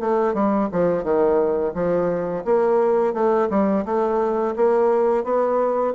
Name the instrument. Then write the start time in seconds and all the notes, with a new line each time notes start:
bassoon
0.00 A3
0.34 G3
0.72 F3
1.03 D#3
1.74 F3
2.45 A#3
3.13 A3
3.50 G3
3.85 A3
4.56 A#3
5.24 B3